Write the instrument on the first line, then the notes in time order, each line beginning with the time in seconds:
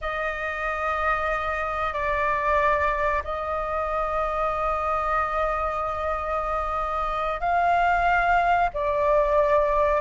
flute
0.01 D#5
1.93 D5
3.24 D#5
7.40 F5
8.73 D5